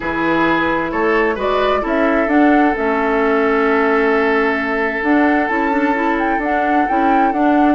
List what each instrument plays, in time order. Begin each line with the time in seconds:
0.00 bassoon E3, clarinet E4, oboe G#4, flute B4
0.91 bassoon A3, oboe A4, flute C#5
1.35 bassoon G#3, clarinet F#4, oboe B4, flute D5
1.81 bassoon C#4, clarinet E4, oboe A4, flute E5
2.27 bassoon D4, clarinet D4, flute F#5
2.75 bassoon A3, clarinet C#4, flute E5
5.02 bassoon D4, clarinet D4, flute F#5
5.48 bassoon C#4, clarinet E4, flute A5
5.70 clarinet D4
5.94 clarinet E4
6.18 flute G5
6.38 bassoon D4, clarinet D4, flute F#5
6.88 bassoon C#4, clarinet E4, flute G5
7.32 bassoon D4, clarinet D4, flute F#5